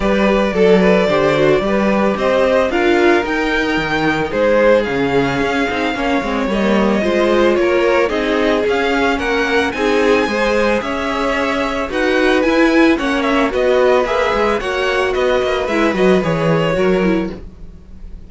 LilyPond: <<
  \new Staff \with { instrumentName = "violin" } { \time 4/4 \tempo 4 = 111 d''1 | dis''4 f''4 g''2 | c''4 f''2. | dis''2 cis''4 dis''4 |
f''4 fis''4 gis''2 | e''2 fis''4 gis''4 | fis''8 e''8 dis''4 e''4 fis''4 | dis''4 e''8 dis''8 cis''2 | }
  \new Staff \with { instrumentName = "violin" } { \time 4/4 b'4 a'8 b'8 c''4 b'4 | c''4 ais'2. | gis'2. cis''4~ | cis''4 c''4 ais'4 gis'4~ |
gis'4 ais'4 gis'4 c''4 | cis''2 b'2 | cis''4 b'2 cis''4 | b'2. ais'4 | }
  \new Staff \with { instrumentName = "viola" } { \time 4/4 g'4 a'4 g'8 fis'8 g'4~ | g'4 f'4 dis'2~ | dis'4 cis'4. dis'8 cis'8 c'8 | ais4 f'2 dis'4 |
cis'2 dis'4 gis'4~ | gis'2 fis'4 e'4 | cis'4 fis'4 gis'4 fis'4~ | fis'4 e'8 fis'8 gis'4 fis'8 e'8 | }
  \new Staff \with { instrumentName = "cello" } { \time 4/4 g4 fis4 d4 g4 | c'4 d'4 dis'4 dis4 | gis4 cis4 cis'8 c'8 ais8 gis8 | g4 gis4 ais4 c'4 |
cis'4 ais4 c'4 gis4 | cis'2 dis'4 e'4 | ais4 b4 ais8 gis8 ais4 | b8 ais8 gis8 fis8 e4 fis4 | }
>>